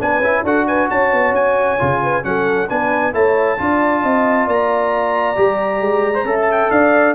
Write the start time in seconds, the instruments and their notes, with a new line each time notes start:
0.00 tuba B3, trombone D4, horn B4, trumpet G#5
0.19 tuba C#4, trombone E4
0.44 tuba D4, trombone F#4, horn A4, trumpet F#5
0.68 horn B4, trumpet G#5
0.89 tuba C#4, horn C#5, trumpet A5
1.13 tuba B3
1.32 tuba C#4, trumpet G#5
1.79 tuba C#3, trombone F4
2.03 horn B4
2.23 tuba F#3, trombone C#4, horn A4, trumpet F#5
2.69 tuba B3, trombone D4, horn B4, trumpet G#5
3.13 tuba A3, trombone E4, horn C#5, trumpet A5
3.58 tuba D4, trombone F4, horn D5
4.03 tuba C4, horn D#5
4.47 tuba A#3, horn D5, trumpet A#5
5.36 tuba G3, trombone G4
5.81 tuba G#3
6.14 trombone C5
6.25 tuba C#4, trombone A4, horn E5
6.41 trumpet A5
6.52 trumpet G5
6.71 tuba D4, horn D5, trumpet F5